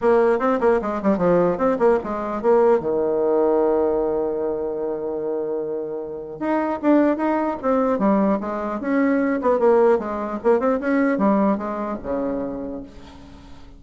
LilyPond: \new Staff \with { instrumentName = "bassoon" } { \time 4/4 \tempo 4 = 150 ais4 c'8 ais8 gis8 g8 f4 | c'8 ais8 gis4 ais4 dis4~ | dis1~ | dis1 |
dis'4 d'4 dis'4 c'4 | g4 gis4 cis'4. b8 | ais4 gis4 ais8 c'8 cis'4 | g4 gis4 cis2 | }